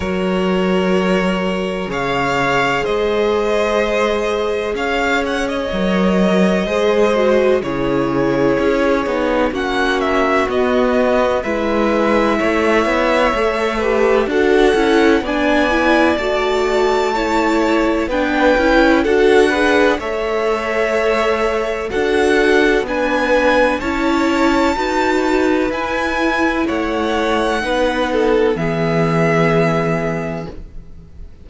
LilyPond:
<<
  \new Staff \with { instrumentName = "violin" } { \time 4/4 \tempo 4 = 63 cis''2 f''4 dis''4~ | dis''4 f''8 fis''16 dis''2~ dis''16 | cis''2 fis''8 e''8 dis''4 | e''2. fis''4 |
gis''4 a''2 g''4 | fis''4 e''2 fis''4 | gis''4 a''2 gis''4 | fis''2 e''2 | }
  \new Staff \with { instrumentName = "violin" } { \time 4/4 ais'2 cis''4 c''4~ | c''4 cis''2 c''4 | gis'2 fis'2 | b'4 cis''4. b'8 a'4 |
d''2 cis''4 b'4 | a'8 b'8 cis''2 a'4 | b'4 cis''4 b'2 | cis''4 b'8 a'8 gis'2 | }
  \new Staff \with { instrumentName = "viola" } { \time 4/4 fis'2 gis'2~ | gis'2 ais'4 gis'8 fis'8 | e'4. dis'8 cis'4 b4 | e'2 a'8 g'8 fis'8 e'8 |
d'8 e'8 fis'4 e'4 d'8 e'8 | fis'8 gis'8 a'2 fis'4 | d'4 e'4 fis'4 e'4~ | e'4 dis'4 b2 | }
  \new Staff \with { instrumentName = "cello" } { \time 4/4 fis2 cis4 gis4~ | gis4 cis'4 fis4 gis4 | cis4 cis'8 b8 ais4 b4 | gis4 a8 b8 a4 d'8 cis'8 |
b4 a2 b8 cis'8 | d'4 a2 d'4 | b4 cis'4 dis'4 e'4 | a4 b4 e2 | }
>>